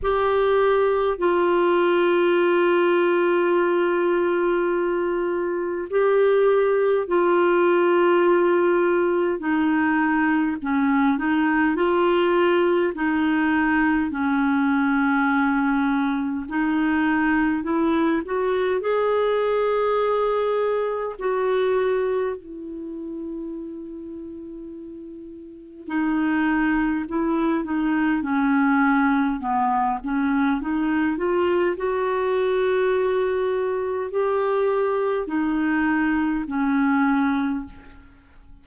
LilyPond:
\new Staff \with { instrumentName = "clarinet" } { \time 4/4 \tempo 4 = 51 g'4 f'2.~ | f'4 g'4 f'2 | dis'4 cis'8 dis'8 f'4 dis'4 | cis'2 dis'4 e'8 fis'8 |
gis'2 fis'4 e'4~ | e'2 dis'4 e'8 dis'8 | cis'4 b8 cis'8 dis'8 f'8 fis'4~ | fis'4 g'4 dis'4 cis'4 | }